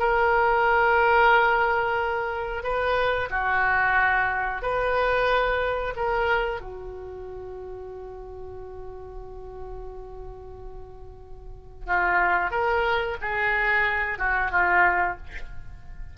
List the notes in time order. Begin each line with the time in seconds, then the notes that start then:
0.00 A#4
2.64 B4
3.31 F#4
4.62 B4
5.96 A#4
6.61 F#4
11.87 F4
12.51 A#4
13.22 G#4
14.19 F#4
14.52 F4